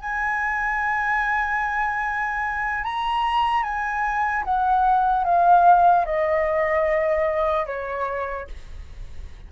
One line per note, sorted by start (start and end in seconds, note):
0.00 2.84 G#5
2.84 3.63 A#5
3.63 4.44 G#5
4.44 5.24 F#5
5.24 6.05 F5
6.05 7.66 D#5
7.66 8.47 C#5